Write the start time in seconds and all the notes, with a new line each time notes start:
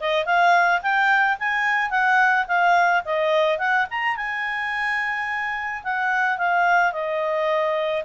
0.00 D#5
0.26 F5
0.82 G5
1.39 G#5
1.90 F#5
2.47 F5
3.05 D#5
3.58 F#5
3.90 A#5
4.16 G#5
5.83 F#5
6.38 F5
6.92 D#5